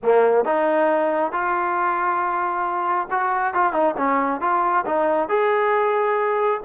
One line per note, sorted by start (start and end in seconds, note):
0.02 0.45 A#3
0.45 1.32 D#4
1.32 3.08 F4
3.10 3.54 F#4
3.54 3.72 F4
3.72 3.94 D#4
3.97 4.40 C#4
4.40 4.84 F4
4.85 5.28 D#4
5.28 6.61 G#4